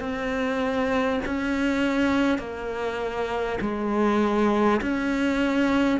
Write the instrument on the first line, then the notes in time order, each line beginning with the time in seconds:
cello
0.00 C4
1.25 C#4
2.38 A#3
3.61 G#3
4.81 C#4